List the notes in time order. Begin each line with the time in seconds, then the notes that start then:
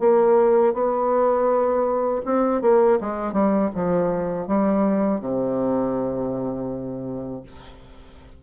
0.00 A#3
0.74 B3
2.26 C4
2.62 A#3
3.01 G#3
3.33 G3
3.75 F3
4.48 G3
5.21 C3